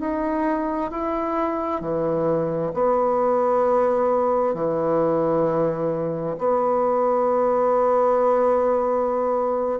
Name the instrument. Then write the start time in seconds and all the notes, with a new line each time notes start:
bassoon
0.00 D#4
0.91 E4
1.81 E3
2.74 B3
4.54 E3
6.38 B3